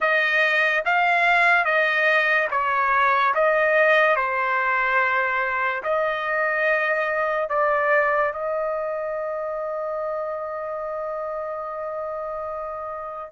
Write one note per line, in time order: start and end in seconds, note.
0.00 0.84 D#5
0.85 1.64 F5
1.64 2.48 D#5
2.50 3.34 C#5
3.34 4.16 D#5
4.16 5.82 C5
5.83 7.49 D#5
7.49 8.32 D5
8.32 13.31 D#5